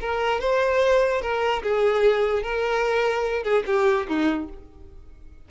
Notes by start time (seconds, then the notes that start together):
0.00 A#4
0.40 C5
1.21 A#4
1.63 G#4
2.42 A#4
3.43 G#4
3.66 G4
4.08 D#4